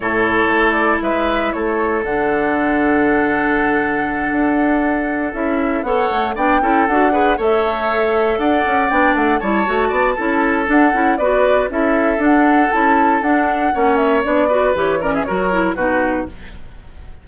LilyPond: <<
  \new Staff \with { instrumentName = "flute" } { \time 4/4 \tempo 4 = 118 cis''4. d''8 e''4 cis''4 | fis''1~ | fis''2~ fis''8 e''4 fis''8~ | fis''8 g''4 fis''4 e''4.~ |
e''8 fis''4 g''8 fis''8 a''4.~ | a''4 fis''4 d''4 e''4 | fis''4 a''4 fis''4. e''8 | d''4 cis''8 d''16 e''16 cis''4 b'4 | }
  \new Staff \with { instrumentName = "oboe" } { \time 4/4 a'2 b'4 a'4~ | a'1~ | a'2.~ a'8 cis''8~ | cis''8 d''8 a'4 b'8 cis''4.~ |
cis''8 d''2 cis''4 d''8 | a'2 b'4 a'4~ | a'2. cis''4~ | cis''8 b'4 ais'16 gis'16 ais'4 fis'4 | }
  \new Staff \with { instrumentName = "clarinet" } { \time 4/4 e'1 | d'1~ | d'2~ d'8 e'4 a'8~ | a'8 d'8 e'8 fis'8 gis'8 a'4.~ |
a'4. d'4 e'8 fis'4 | e'4 d'8 e'8 fis'4 e'4 | d'4 e'4 d'4 cis'4 | d'8 fis'8 g'8 cis'8 fis'8 e'8 dis'4 | }
  \new Staff \with { instrumentName = "bassoon" } { \time 4/4 a,4 a4 gis4 a4 | d1~ | d8 d'2 cis'4 b8 | a8 b8 cis'8 d'4 a4.~ |
a8 d'8 cis'8 b8 a8 g8 a8 b8 | cis'4 d'8 cis'8 b4 cis'4 | d'4 cis'4 d'4 ais4 | b4 e4 fis4 b,4 | }
>>